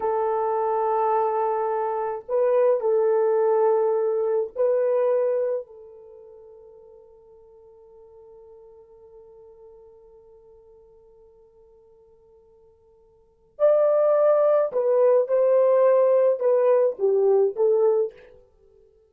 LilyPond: \new Staff \with { instrumentName = "horn" } { \time 4/4 \tempo 4 = 106 a'1 | b'4 a'2. | b'2 a'2~ | a'1~ |
a'1~ | a'1 | d''2 b'4 c''4~ | c''4 b'4 g'4 a'4 | }